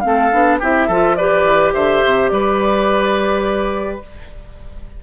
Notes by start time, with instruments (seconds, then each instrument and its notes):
0.00 bassoon A3, clarinet C4, flute F5
0.06 oboe A4
0.32 bassoon B3, clarinet D4
0.59 bassoon C4, clarinet E4, oboe G4, flute E5
0.87 bassoon F3, clarinet F4, oboe A4
1.15 clarinet G4, oboe B4, flute D5
1.43 bassoon E3
1.73 bassoon D3, oboe C5, flute E5
2.05 bassoon C3
2.28 bassoon G3, oboe B4, flute D5